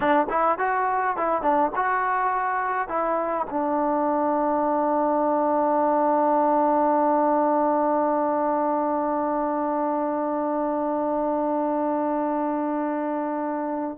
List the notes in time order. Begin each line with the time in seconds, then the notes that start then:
0.00 D4
0.29 E4
0.58 F#4
1.17 E4
1.41 D4
1.75 F#4
2.88 E4
3.50 D4